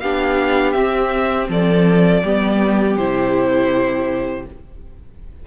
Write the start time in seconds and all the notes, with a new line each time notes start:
0.00 B3 D4 G4 F5
0.72 C4 E5
1.49 F3 A4 D5
2.24 G3 B3 G4
2.97 C3 E4 C5